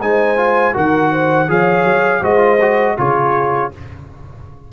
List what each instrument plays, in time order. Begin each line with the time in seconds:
0.00 tuba G#3, trombone D#4, horn C5, trumpet G#5
0.36 trombone F4
0.73 tuba D#3, trombone F#4, horn A#4, trumpet F#5
1.11 horn C5
1.48 tuba F3, trombone G#4, horn C#5, trumpet F5
1.84 tuba F#3
2.21 tuba G#3, trombone F#4, horn C5, trumpet D#5
2.38 trombone F4
2.61 trombone F#4
2.97 tuba C#3, trombone F4, horn G#4, trumpet C#5